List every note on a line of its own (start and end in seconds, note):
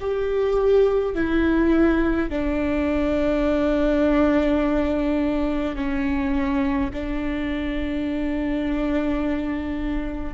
0.00 1.14 G4
1.14 2.29 E4
2.29 5.75 D4
5.75 6.90 C#4
6.93 10.34 D4